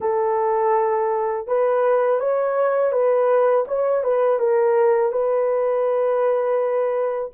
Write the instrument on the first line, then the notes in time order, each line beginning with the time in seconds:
horn
0.00 A4
1.47 B4
2.20 C#5
2.91 B4
3.68 C#5
4.03 B4
4.39 A#4
5.12 B4